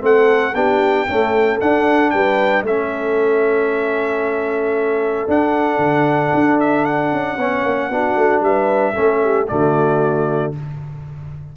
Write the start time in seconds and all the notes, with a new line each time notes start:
0.00 A3 C4 A4 F#5
0.54 B3 D4 G4 G5
1.08 A3 C#4 A4
1.60 D4 F#5
2.10 G3 B4 G5
2.62 A3 C#4 A4 E5
5.27 D4 F#5
5.78 D3
6.34 D4
6.59 E5
6.84 F#5
7.12 C#4
7.37 B3 C#4 C#5
7.63 A#3
7.89 B3 D4 F#4
8.16 A3
8.40 G3 B4 E5
8.93 A3 C#4 A4
9.23 G4
9.47 D3 A3 F#4 D5